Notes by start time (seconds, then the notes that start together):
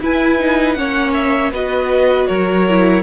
0.00 E4 B4 G#5
0.39 D#4
0.73 A#3 C#4 C#5 F#5
1.13 E5
1.51 B3 F#4 B4 D#5
2.27 F#3 A#4 C#5
2.69 E4